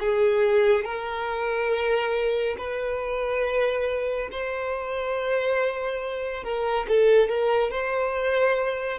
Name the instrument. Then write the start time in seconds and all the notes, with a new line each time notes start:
violin
0.00 G#4
0.85 A#4
2.58 B4
4.31 C5
6.43 A#4
6.88 A4
7.29 A#4
7.71 C5